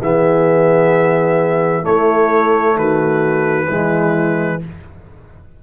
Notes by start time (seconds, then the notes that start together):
0.00 E3 B3 G#4 E5
1.82 A3 E4 C#5
2.75 D#3 F#4 B4
3.67 E3 G#3 E4